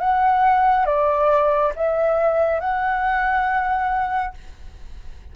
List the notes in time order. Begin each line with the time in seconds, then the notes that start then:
0.00 F#5
0.86 D5
1.76 E5
2.60 F#5